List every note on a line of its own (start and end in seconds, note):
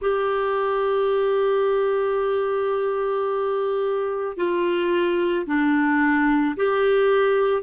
0.01 4.36 G4
4.36 5.45 F4
5.46 6.55 D4
6.56 7.62 G4